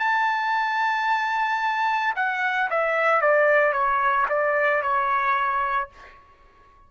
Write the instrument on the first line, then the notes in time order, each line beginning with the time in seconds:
trumpet
0.00 A5
2.16 F#5
2.71 E5
3.21 D5
3.73 C#5
4.30 D5
4.83 C#5